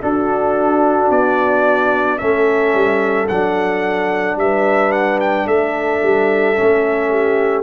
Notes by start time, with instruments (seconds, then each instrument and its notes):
0.00 trombone D4, tuba D4, horn F#4, trumpet A4
1.10 tuba B3, trumpet D5
2.18 tuba A3, trombone C#4, horn A4, trumpet E5
2.74 tuba G3
3.28 tuba F#3, trombone D4, trumpet F#5
4.35 tuba G3, horn B4, trumpet E5
4.91 trumpet F#5
5.20 trumpet G5
5.46 tuba A3, horn A4, trumpet E5
6.02 tuba G3
6.55 tuba A3, trombone C#4
7.10 horn G4